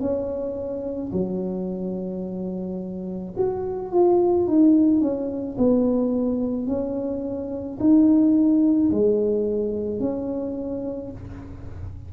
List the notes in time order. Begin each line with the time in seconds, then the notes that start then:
0.00 C#4
1.12 F#3
3.37 F#4
3.91 F4
4.47 D#4
5.01 C#4
5.57 B3
6.67 C#4
7.79 D#4
8.91 G#3
9.99 C#4